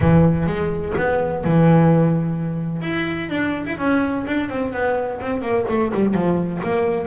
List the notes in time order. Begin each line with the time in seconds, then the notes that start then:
0.00 E3
0.46 G#3
0.97 B3
1.44 E3
2.82 E4
3.29 D4
3.66 E4
3.78 C#4
4.26 D4
4.49 C4
4.72 B3
5.20 C4
5.41 A#3
5.68 A3
5.94 G3
6.14 F3
6.63 A#3